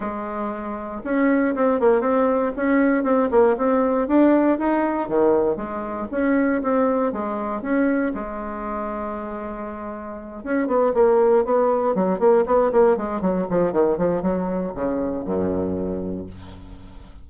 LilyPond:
\new Staff \with { instrumentName = "bassoon" } { \time 4/4 \tempo 4 = 118 gis2 cis'4 c'8 ais8 | c'4 cis'4 c'8 ais8 c'4 | d'4 dis'4 dis4 gis4 | cis'4 c'4 gis4 cis'4 |
gis1~ | gis8 cis'8 b8 ais4 b4 fis8 | ais8 b8 ais8 gis8 fis8 f8 dis8 f8 | fis4 cis4 fis,2 | }